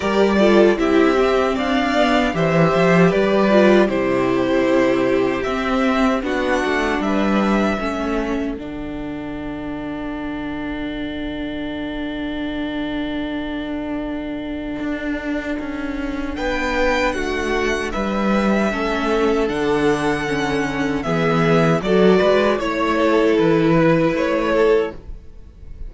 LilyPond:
<<
  \new Staff \with { instrumentName = "violin" } { \time 4/4 \tempo 4 = 77 d''4 e''4 f''4 e''4 | d''4 c''2 e''4 | fis''4 e''2 fis''4~ | fis''1~ |
fis''1~ | fis''4 g''4 fis''4 e''4~ | e''4 fis''2 e''4 | d''4 cis''4 b'4 cis''4 | }
  \new Staff \with { instrumentName = "violin" } { \time 4/4 ais'8 a'8 g'4 d''4 c''4 | b'4 g'2. | fis'4 b'4 a'2~ | a'1~ |
a'1~ | a'4 b'4 fis'4 b'4 | a'2. gis'4 | a'8 b'8 cis''8 a'4 b'4 a'8 | }
  \new Staff \with { instrumentName = "viola" } { \time 4/4 g'8 f'8 e'8 c'4 b8 g'4~ | g'8 f'8 e'2 c'4 | d'2 cis'4 d'4~ | d'1~ |
d'1~ | d'1 | cis'4 d'4 cis'4 b4 | fis'4 e'2. | }
  \new Staff \with { instrumentName = "cello" } { \time 4/4 g4 c'4 d'4 e8 f8 | g4 c2 c'4 | b8 a8 g4 a4 d4~ | d1~ |
d2. d'4 | cis'4 b4 a4 g4 | a4 d2 e4 | fis8 gis8 a4 e4 a4 | }
>>